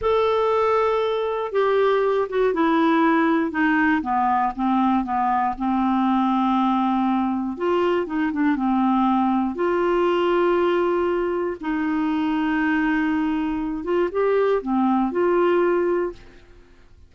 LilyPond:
\new Staff \with { instrumentName = "clarinet" } { \time 4/4 \tempo 4 = 119 a'2. g'4~ | g'8 fis'8 e'2 dis'4 | b4 c'4 b4 c'4~ | c'2. f'4 |
dis'8 d'8 c'2 f'4~ | f'2. dis'4~ | dis'2.~ dis'8 f'8 | g'4 c'4 f'2 | }